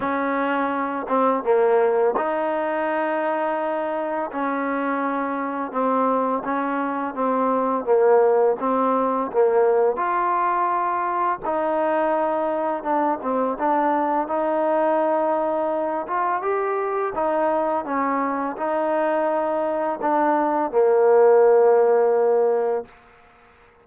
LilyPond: \new Staff \with { instrumentName = "trombone" } { \time 4/4 \tempo 4 = 84 cis'4. c'8 ais4 dis'4~ | dis'2 cis'2 | c'4 cis'4 c'4 ais4 | c'4 ais4 f'2 |
dis'2 d'8 c'8 d'4 | dis'2~ dis'8 f'8 g'4 | dis'4 cis'4 dis'2 | d'4 ais2. | }